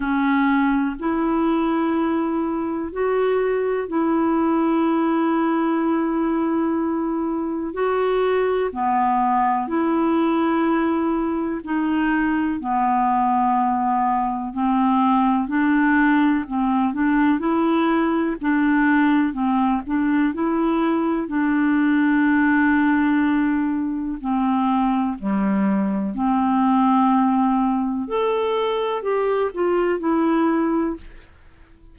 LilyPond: \new Staff \with { instrumentName = "clarinet" } { \time 4/4 \tempo 4 = 62 cis'4 e'2 fis'4 | e'1 | fis'4 b4 e'2 | dis'4 b2 c'4 |
d'4 c'8 d'8 e'4 d'4 | c'8 d'8 e'4 d'2~ | d'4 c'4 g4 c'4~ | c'4 a'4 g'8 f'8 e'4 | }